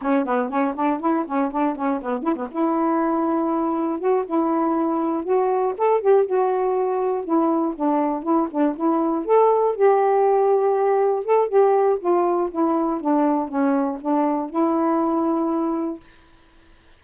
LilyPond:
\new Staff \with { instrumentName = "saxophone" } { \time 4/4 \tempo 4 = 120 cis'8 b8 cis'8 d'8 e'8 cis'8 d'8 cis'8 | b8 e'16 b16 e'2. | fis'8 e'2 fis'4 a'8 | g'8 fis'2 e'4 d'8~ |
d'8 e'8 d'8 e'4 a'4 g'8~ | g'2~ g'8 a'8 g'4 | f'4 e'4 d'4 cis'4 | d'4 e'2. | }